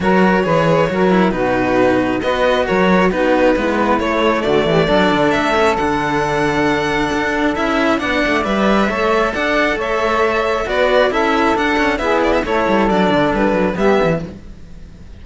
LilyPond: <<
  \new Staff \with { instrumentName = "violin" } { \time 4/4 \tempo 4 = 135 cis''2. b'4~ | b'4 dis''4 cis''4 b'4~ | b'4 cis''4 d''2 | e''4 fis''2.~ |
fis''4 e''4 fis''4 e''4~ | e''4 fis''4 e''2 | d''4 e''4 fis''4 e''8 d''16 e''16 | cis''4 d''4 b'4 e''4 | }
  \new Staff \with { instrumentName = "saxophone" } { \time 4/4 ais'4 b'4 ais'4 fis'4~ | fis'4 b'4 ais'4 fis'4 | e'2 fis'8 g'8 a'4~ | a'1~ |
a'2 d''2 | cis''4 d''4 cis''2 | b'4 a'2 gis'4 | a'2. g'4 | }
  \new Staff \with { instrumentName = "cello" } { \time 4/4 fis'4 gis'4 fis'8 e'8 dis'4~ | dis'4 fis'2 dis'4 | b4 a2 d'4~ | d'8 cis'8 d'2.~ |
d'4 e'4 d'4 b'4 | a'1 | fis'4 e'4 d'8 cis'8 b4 | e'4 d'2 b4 | }
  \new Staff \with { instrumentName = "cello" } { \time 4/4 fis4 e4 fis4 b,4~ | b,4 b4 fis4 b4 | gis4 a4 d8 e8 fis8 d8 | a4 d2. |
d'4 cis'4 b8 a8 g4 | a4 d'4 a2 | b4 cis'4 d'4 e'4 | a8 g8 fis8 d8 g8 fis8 g8 e8 | }
>>